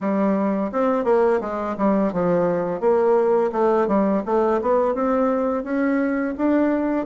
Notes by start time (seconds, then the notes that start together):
0.00 G3
0.72 C4
1.04 A#3
1.40 G#3
1.77 G3
2.12 F3
2.80 A#3
3.52 A3
3.87 G3
4.25 A3
4.61 B3
4.94 C4
5.63 C#4
6.37 D4